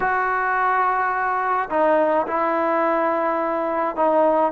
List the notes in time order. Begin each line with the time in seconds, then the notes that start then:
0.00 F#4
1.70 D#4
2.27 E4
3.95 D#4